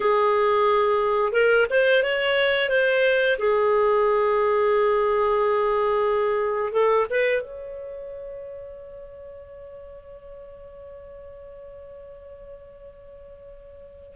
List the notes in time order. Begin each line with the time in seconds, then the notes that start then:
0.00 G#4
1.32 A#4
1.70 C5
2.03 C#5
2.69 C5
3.38 G#4
6.72 A4
7.10 B4
7.41 C#5